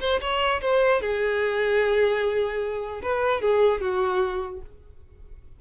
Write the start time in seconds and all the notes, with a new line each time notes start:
0.00 C5
0.21 C#5
0.61 C5
1.01 G#4
3.03 B4
3.41 G#4
3.81 F#4